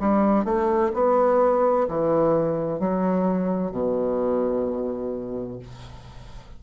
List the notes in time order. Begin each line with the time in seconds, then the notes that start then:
0.00 G3
0.45 A3
0.94 B3
1.88 E3
2.80 F#3
3.72 B2